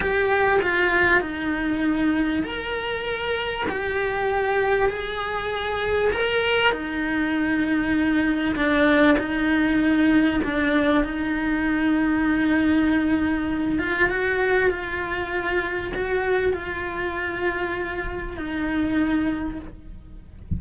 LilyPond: \new Staff \with { instrumentName = "cello" } { \time 4/4 \tempo 4 = 98 g'4 f'4 dis'2 | ais'2 g'2 | gis'2 ais'4 dis'4~ | dis'2 d'4 dis'4~ |
dis'4 d'4 dis'2~ | dis'2~ dis'8 f'8 fis'4 | f'2 fis'4 f'4~ | f'2 dis'2 | }